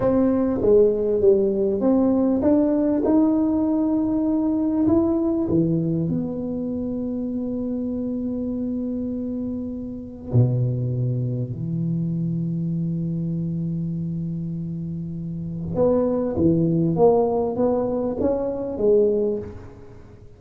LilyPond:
\new Staff \with { instrumentName = "tuba" } { \time 4/4 \tempo 4 = 99 c'4 gis4 g4 c'4 | d'4 dis'2. | e'4 e4 b2~ | b1~ |
b4 b,2 e4~ | e1~ | e2 b4 e4 | ais4 b4 cis'4 gis4 | }